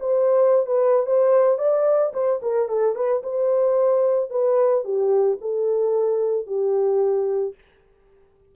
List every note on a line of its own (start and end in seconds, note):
0.00 0.66 C5
0.66 1.06 B4
1.06 1.58 C5
1.58 2.13 D5
2.13 2.40 C5
2.43 2.69 A#4
2.69 2.96 A4
2.96 3.23 B4
3.23 4.30 C5
4.30 4.84 B4
4.84 5.38 G4
5.41 6.47 A4
6.47 7.55 G4